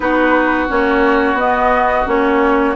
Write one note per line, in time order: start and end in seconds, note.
0.00 0.68 B3
0.00 0.68 D#4
0.00 2.76 F#4
0.00 0.67 B4
0.68 1.33 A#3
0.68 1.37 C#4
0.68 1.38 C#5
1.33 2.02 B3
1.33 2.06 B3
1.33 2.07 D#5
2.06 2.76 A#3
2.06 2.75 C#4
2.06 2.76 C#5